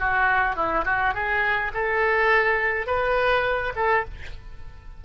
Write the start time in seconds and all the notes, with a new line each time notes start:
0.00 F#4
0.56 E4
0.85 F#4
1.14 G#4
1.74 A4
2.87 B4
3.76 A4